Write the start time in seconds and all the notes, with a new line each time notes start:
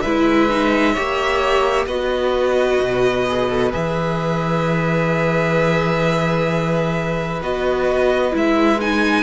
0.00 G#3 E4 B4 E5
0.49 D#4
0.93 A#3 G4 C#5
1.85 B3 F#4 B4 D#5
2.81 B2
3.28 G#4
3.48 A4
3.71 E3 G#4 E5
7.41 B3 F#4 D#5
8.31 G#3 E4 E5
8.80 D#4 G#5